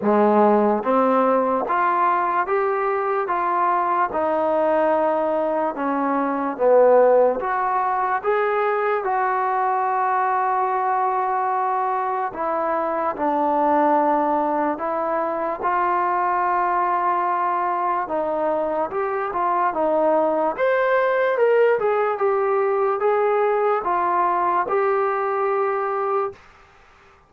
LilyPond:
\new Staff \with { instrumentName = "trombone" } { \time 4/4 \tempo 4 = 73 gis4 c'4 f'4 g'4 | f'4 dis'2 cis'4 | b4 fis'4 gis'4 fis'4~ | fis'2. e'4 |
d'2 e'4 f'4~ | f'2 dis'4 g'8 f'8 | dis'4 c''4 ais'8 gis'8 g'4 | gis'4 f'4 g'2 | }